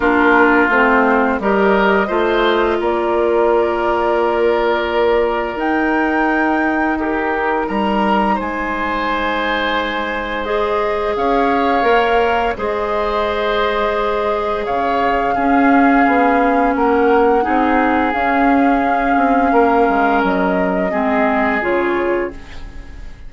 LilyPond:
<<
  \new Staff \with { instrumentName = "flute" } { \time 4/4 \tempo 4 = 86 ais'4 c''4 dis''2 | d''1 | g''2 ais'4 ais''4 | gis''2. dis''4 |
f''2 dis''2~ | dis''4 f''2. | fis''2 f''2~ | f''4 dis''2 cis''4 | }
  \new Staff \with { instrumentName = "oboe" } { \time 4/4 f'2 ais'4 c''4 | ais'1~ | ais'2 g'4 ais'4 | c''1 |
cis''2 c''2~ | c''4 cis''4 gis'2 | ais'4 gis'2. | ais'2 gis'2 | }
  \new Staff \with { instrumentName = "clarinet" } { \time 4/4 d'4 c'4 g'4 f'4~ | f'1 | dis'1~ | dis'2. gis'4~ |
gis'4 ais'4 gis'2~ | gis'2 cis'2~ | cis'4 dis'4 cis'2~ | cis'2 c'4 f'4 | }
  \new Staff \with { instrumentName = "bassoon" } { \time 4/4 ais4 a4 g4 a4 | ais1 | dis'2. g4 | gis1 |
cis'4 ais4 gis2~ | gis4 cis4 cis'4 b4 | ais4 c'4 cis'4. c'8 | ais8 gis8 fis4 gis4 cis4 | }
>>